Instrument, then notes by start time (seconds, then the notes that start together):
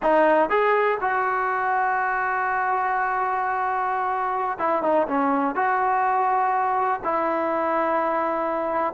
trombone
0.02 D#4
0.49 G#4
1.00 F#4
4.58 E4
4.82 D#4
5.07 C#4
5.55 F#4
7.04 E4